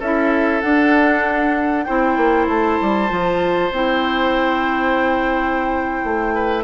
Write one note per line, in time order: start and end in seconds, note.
0.00 0.63 C#4
0.00 0.64 E4
0.00 1.86 A4
0.00 0.61 E5
0.61 1.87 D4
0.61 1.88 D4
0.61 1.84 F#5
1.84 2.17 C4
1.84 3.09 E4
1.84 6.35 C5
1.84 2.46 G5
2.17 2.48 A#3
2.48 2.79 A3
2.48 3.74 A5
2.82 3.11 G3
3.09 3.72 F3
3.09 3.71 F4
3.72 6.04 C4
3.72 6.64 E4
3.72 6.64 G5
6.04 6.64 A3
6.35 6.64 B4